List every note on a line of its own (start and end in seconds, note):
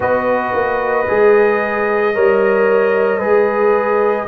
0.00 0.53 B3
0.00 1.06 F#4
0.00 2.14 B4
0.00 4.28 D#5
0.53 1.07 A#3
1.07 2.16 G#3
1.07 2.14 G#4
2.14 3.19 G3
2.14 3.19 A#4
2.14 3.18 C#5
3.18 4.26 G#3
3.18 4.27 G#4
3.18 4.25 B4